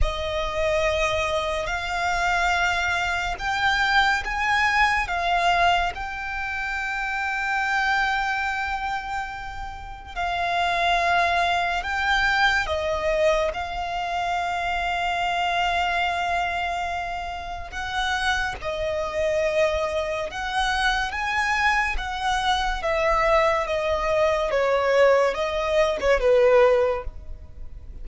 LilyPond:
\new Staff \with { instrumentName = "violin" } { \time 4/4 \tempo 4 = 71 dis''2 f''2 | g''4 gis''4 f''4 g''4~ | g''1 | f''2 g''4 dis''4 |
f''1~ | f''4 fis''4 dis''2 | fis''4 gis''4 fis''4 e''4 | dis''4 cis''4 dis''8. cis''16 b'4 | }